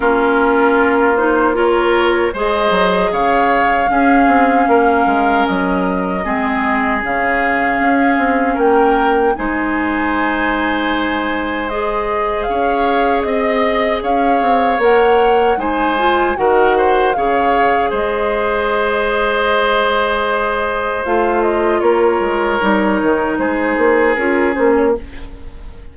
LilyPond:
<<
  \new Staff \with { instrumentName = "flute" } { \time 4/4 \tempo 4 = 77 ais'4. c''8 cis''4 dis''4 | f''2. dis''4~ | dis''4 f''2 g''4 | gis''2. dis''4 |
f''4 dis''4 f''4 fis''4 | gis''4 fis''4 f''4 dis''4~ | dis''2. f''8 dis''8 | cis''2 c''4 ais'8 c''16 cis''16 | }
  \new Staff \with { instrumentName = "oboe" } { \time 4/4 f'2 ais'4 c''4 | cis''4 gis'4 ais'2 | gis'2. ais'4 | c''1 |
cis''4 dis''4 cis''2 | c''4 ais'8 c''8 cis''4 c''4~ | c''1 | ais'2 gis'2 | }
  \new Staff \with { instrumentName = "clarinet" } { \time 4/4 cis'4. dis'8 f'4 gis'4~ | gis'4 cis'2. | c'4 cis'2. | dis'2. gis'4~ |
gis'2. ais'4 | dis'8 f'8 fis'4 gis'2~ | gis'2. f'4~ | f'4 dis'2 f'8 cis'8 | }
  \new Staff \with { instrumentName = "bassoon" } { \time 4/4 ais2. gis8 fis8 | cis4 cis'8 c'8 ais8 gis8 fis4 | gis4 cis4 cis'8 c'8 ais4 | gis1 |
cis'4 c'4 cis'8 c'8 ais4 | gis4 dis4 cis4 gis4~ | gis2. a4 | ais8 gis8 g8 dis8 gis8 ais8 cis'8 ais8 | }
>>